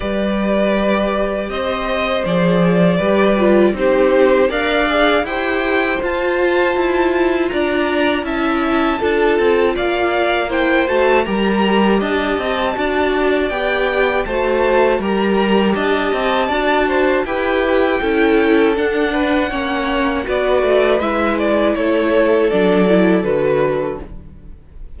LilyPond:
<<
  \new Staff \with { instrumentName = "violin" } { \time 4/4 \tempo 4 = 80 d''2 dis''4 d''4~ | d''4 c''4 f''4 g''4 | a''2 ais''4 a''4~ | a''4 f''4 g''8 a''8 ais''4 |
a''2 g''4 a''4 | ais''4 a''2 g''4~ | g''4 fis''2 d''4 | e''8 d''8 cis''4 d''4 b'4 | }
  \new Staff \with { instrumentName = "violin" } { \time 4/4 b'2 c''2 | b'4 g'4 d''4 c''4~ | c''2 d''4 e''4 | a'4 d''4 c''4 ais'4 |
dis''4 d''2 c''4 | ais'4 dis''4 d''8 c''8 b'4 | a'4. b'8 cis''4 b'4~ | b'4 a'2. | }
  \new Staff \with { instrumentName = "viola" } { \time 4/4 g'2. gis'4 | g'8 f'8 dis'4 ais'8 gis'8 g'4 | f'2. e'4 | f'2 e'8 fis'8 g'4~ |
g'4 fis'4 g'4 fis'4 | g'2 fis'4 g'4 | e'4 d'4 cis'4 fis'4 | e'2 d'8 e'8 fis'4 | }
  \new Staff \with { instrumentName = "cello" } { \time 4/4 g2 c'4 f4 | g4 c'4 d'4 e'4 | f'4 e'4 d'4 cis'4 | d'8 c'8 ais4. a8 g4 |
d'8 c'8 d'4 b4 a4 | g4 d'8 c'8 d'4 e'4 | cis'4 d'4 ais4 b8 a8 | gis4 a4 fis4 d4 | }
>>